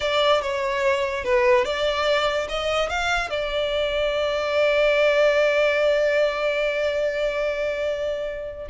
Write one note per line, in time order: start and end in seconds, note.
0.00 0.41 D5
0.41 1.24 C#5
1.24 1.64 B4
1.64 2.47 D5
2.48 2.89 D#5
2.89 3.30 F5
3.30 8.67 D5